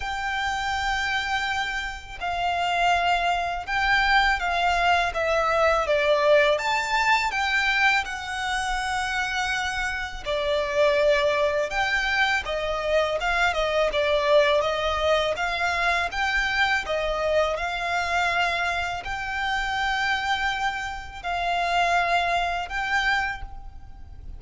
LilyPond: \new Staff \with { instrumentName = "violin" } { \time 4/4 \tempo 4 = 82 g''2. f''4~ | f''4 g''4 f''4 e''4 | d''4 a''4 g''4 fis''4~ | fis''2 d''2 |
g''4 dis''4 f''8 dis''8 d''4 | dis''4 f''4 g''4 dis''4 | f''2 g''2~ | g''4 f''2 g''4 | }